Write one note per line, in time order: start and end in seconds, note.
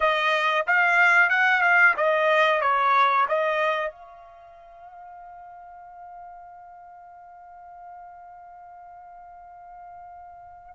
0.00 0.65 D#5
0.66 1.29 F5
1.29 1.61 F#5
1.61 1.94 F5
1.96 2.61 D#5
2.61 3.26 C#5
3.28 3.90 D#5
3.90 10.75 F5